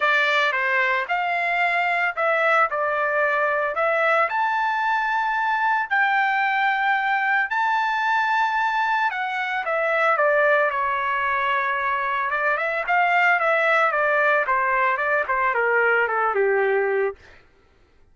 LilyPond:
\new Staff \with { instrumentName = "trumpet" } { \time 4/4 \tempo 4 = 112 d''4 c''4 f''2 | e''4 d''2 e''4 | a''2. g''4~ | g''2 a''2~ |
a''4 fis''4 e''4 d''4 | cis''2. d''8 e''8 | f''4 e''4 d''4 c''4 | d''8 c''8 ais'4 a'8 g'4. | }